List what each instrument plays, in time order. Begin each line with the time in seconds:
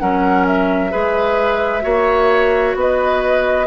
0.00 bassoon F#3, clarinet C#4, oboe A#4, flute F#5
0.47 flute E5
0.91 bassoon G#3, clarinet G#4, oboe B4
1.82 bassoon A#3, clarinet F#4, oboe C#5
2.75 bassoon B3, oboe B4, flute D#5